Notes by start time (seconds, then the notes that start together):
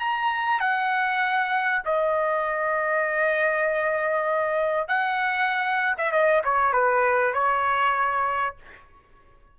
0.00 A#5
0.60 F#5
1.85 D#5
4.88 F#5
5.98 E5
6.12 D#5
6.45 C#5
6.73 B4
7.34 C#5